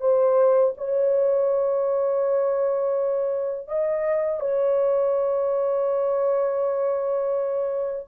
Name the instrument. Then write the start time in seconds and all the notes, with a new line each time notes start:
horn
0.00 C5
0.77 C#5
3.68 D#5
4.40 C#5